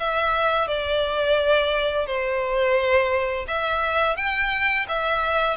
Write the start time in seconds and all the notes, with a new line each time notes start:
0.00 E5
0.68 D5
2.06 C5
3.48 E5
4.16 G5
4.88 E5